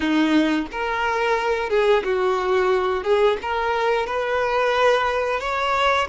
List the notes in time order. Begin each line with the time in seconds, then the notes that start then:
0.00 D#4
0.71 A#4
1.69 G#4
2.04 F#4
3.03 G#4
3.41 A#4
4.06 B4
5.40 C#5